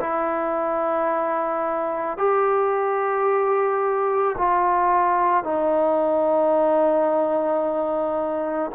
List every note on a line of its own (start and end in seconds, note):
0.00 2.17 E4
2.17 4.35 G4
4.37 5.43 F4
5.43 8.71 D#4